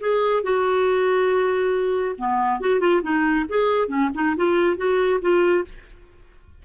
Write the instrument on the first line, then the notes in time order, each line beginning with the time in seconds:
clarinet
0.00 G#4
0.43 F#4
2.18 B3
2.60 F#4
2.80 F4
3.02 D#4
3.48 G#4
3.88 C#4
4.14 D#4
4.36 F4
4.77 F#4
5.21 F4